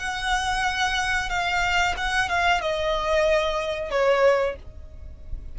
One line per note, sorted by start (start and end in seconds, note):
0.00 1.30 F#5
1.30 1.95 F5
1.97 2.29 F#5
2.29 2.61 F5
2.61 3.91 D#5
3.91 4.56 C#5